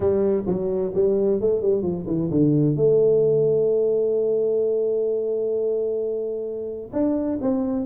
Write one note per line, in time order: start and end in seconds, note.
0.00 0.44 G3
0.46 0.92 F#3
0.94 1.40 G3
1.41 1.61 A3
1.61 1.82 G3
1.82 2.05 F3
2.06 2.29 E3
2.30 2.75 D3
2.75 6.91 A3
6.92 7.38 D4
7.41 7.85 C4